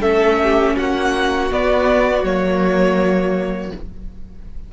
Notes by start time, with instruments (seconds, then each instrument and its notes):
0.00 cello A3, viola C#4, violin A4 E5
0.42 violin G4
0.75 cello A#3, violin F#4 F#5
1.51 viola B3, cello B3, violin D5
2.23 cello F#3, viola A#3, violin C#5